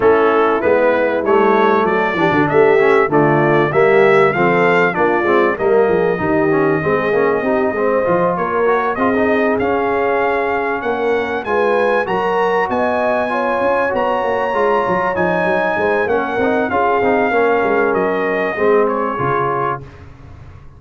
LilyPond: <<
  \new Staff \with { instrumentName = "trumpet" } { \time 4/4 \tempo 4 = 97 a'4 b'4 cis''4 d''4 | e''4 d''4 e''4 f''4 | d''4 dis''2.~ | dis''4. cis''4 dis''4 f''8~ |
f''4. fis''4 gis''4 ais''8~ | ais''8 gis''2 ais''4.~ | ais''8 gis''4. fis''4 f''4~ | f''4 dis''4. cis''4. | }
  \new Staff \with { instrumentName = "horn" } { \time 4/4 e'2. a'8 g'16 fis'16 | g'4 f'4 g'4 a'4 | f'4 ais'8 gis'8 g'4 gis'4 | g'8 c''4 ais'4 gis'4.~ |
gis'4. ais'4 b'4 ais'8~ | ais'8 dis''4 cis''2~ cis''8~ | cis''4. c''8 ais'4 gis'4 | ais'2 gis'2 | }
  \new Staff \with { instrumentName = "trombone" } { \time 4/4 cis'4 b4 a4. d'8~ | d'8 cis'8 a4 ais4 c'4 | d'8 c'8 ais4 dis'8 cis'8 c'8 cis'8 | dis'8 c'8 f'4 fis'8 f'16 dis'8. cis'8~ |
cis'2~ cis'8 f'4 fis'8~ | fis'4. f'4 fis'4 f'8~ | f'8 dis'4. cis'8 dis'8 f'8 dis'8 | cis'2 c'4 f'4 | }
  \new Staff \with { instrumentName = "tuba" } { \time 4/4 a4 gis4 g4 fis8 e16 d16 | a4 d4 g4 f4 | ais8 gis8 g8 f8 dis4 gis8 ais8 | c'8 gis8 f8 ais4 c'4 cis'8~ |
cis'4. ais4 gis4 fis8~ | fis8 b4. cis'8 b8 ais8 gis8 | fis8 f8 fis8 gis8 ais8 c'8 cis'8 c'8 | ais8 gis8 fis4 gis4 cis4 | }
>>